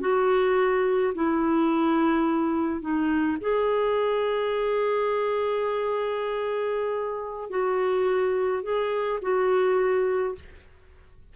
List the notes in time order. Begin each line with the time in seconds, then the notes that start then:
0.00 F#4
1.14 E4
2.81 D#4
3.41 G#4
7.50 F#4
8.63 G#4
9.22 F#4